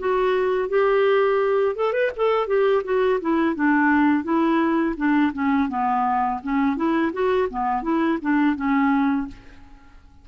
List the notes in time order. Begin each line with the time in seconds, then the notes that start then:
0.00 F#4
0.69 G4
1.76 A4
1.93 B4
2.17 A4
2.48 G4
2.85 F#4
3.21 E4
3.56 D4
4.24 E4
4.97 D4
5.34 C#4
5.69 B3
6.44 C#4
6.77 E4
7.13 F#4
7.51 B3
7.83 E4
8.22 D4
8.57 C#4